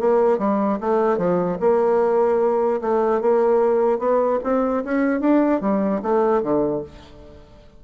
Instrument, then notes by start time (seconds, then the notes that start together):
bassoon
0.00 A#3
0.38 G3
0.80 A3
1.18 F3
1.60 A#3
2.81 A3
3.21 A#3
3.99 B3
4.43 C4
4.84 C#4
5.21 D4
5.61 G3
6.02 A3
6.42 D3